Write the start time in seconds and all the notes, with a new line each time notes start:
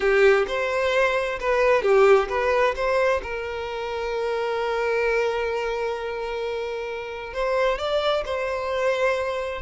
0.00 G4
0.47 C5
1.39 B4
1.82 G4
2.29 B4
2.75 C5
3.22 A#4
7.33 C5
7.78 D5
8.25 C5